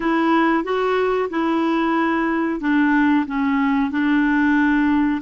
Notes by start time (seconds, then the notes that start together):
0.00 E4
0.63 F#4
1.30 E4
2.60 D4
3.26 C#4
3.90 D4